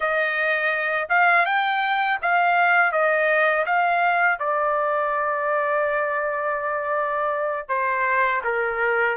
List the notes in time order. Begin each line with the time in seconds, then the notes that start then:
0.00 D#5
1.09 F5
1.45 G5
2.22 F5
2.92 D#5
3.66 F5
4.39 D5
7.68 C5
8.43 A#4